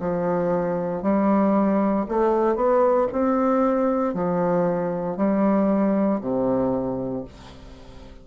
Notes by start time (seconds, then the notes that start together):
0.00 F3
1.03 G3
2.08 A3
2.55 B3
3.12 C4
4.14 F3
5.17 G3
6.21 C3